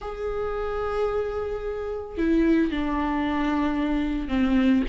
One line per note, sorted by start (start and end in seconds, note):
0.01 2.17 G#4
2.17 2.71 E4
2.71 4.28 D4
4.28 4.82 C4